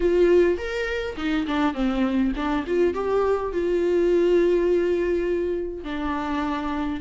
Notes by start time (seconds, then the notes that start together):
0.00 F4
0.57 A#4
1.17 D#4
1.47 D4
1.73 C4
2.36 D4
2.66 F4
2.94 G4
3.52 F4
5.84 D4